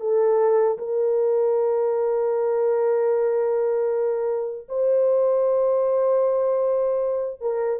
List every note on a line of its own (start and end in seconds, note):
0.00 0.78 A4
0.78 4.68 A#4
4.68 7.41 C5
7.41 7.80 A#4